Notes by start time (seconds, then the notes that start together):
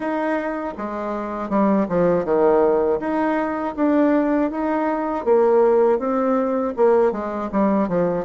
0.00 D#4
0.77 G#3
1.49 G3
1.88 F3
2.24 D#3
3.00 D#4
3.76 D4
4.50 D#4
5.25 A#3
5.98 C4
6.76 A#3
7.12 G#3
7.52 G3
7.88 F3